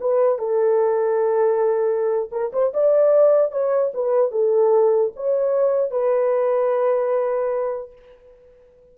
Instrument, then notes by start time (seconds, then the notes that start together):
horn
0.00 B4
0.38 A4
2.31 A#4
2.52 C5
2.73 D5
3.51 C#5
3.94 B4
4.31 A4
5.16 C#5
5.91 B4